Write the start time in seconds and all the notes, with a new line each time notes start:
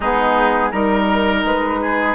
0.00 G#3 B3 D#4 G#4
0.71 G3 D#4 A#4
1.44 G#3 B4
1.81 G#4